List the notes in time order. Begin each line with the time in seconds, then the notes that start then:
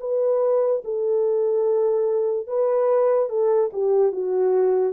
0.00 B4
0.84 A4
2.47 B4
3.29 A4
3.72 G4
4.12 F#4